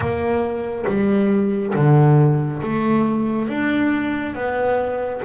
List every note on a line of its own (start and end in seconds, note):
0.00 0.85 A#3
0.87 1.74 G3
1.75 2.62 D3
2.62 3.48 A3
3.48 4.34 D4
4.34 5.21 B3